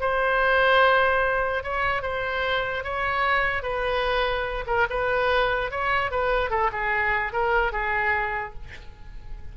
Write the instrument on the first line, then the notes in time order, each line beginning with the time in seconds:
oboe
0.00 C5
1.63 C#5
2.02 C5
2.83 C#5
3.62 B4
4.67 A#4
4.89 B4
5.71 C#5
6.11 B4
6.50 A4
6.72 G#4
7.32 A#4
7.72 G#4